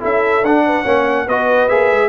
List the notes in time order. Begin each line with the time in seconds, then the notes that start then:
0.00 C#4 E4 A4 E5
0.41 D4 F#5
0.66 B4
0.82 A#3 C#4 C#5
1.26 B3 F#4 B4 D#5
1.68 A#3 G#4 E5
1.91 G#3